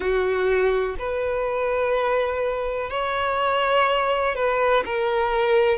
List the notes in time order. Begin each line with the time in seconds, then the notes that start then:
0.00 F#4
0.99 B4
2.89 C#5
4.35 B4
4.85 A#4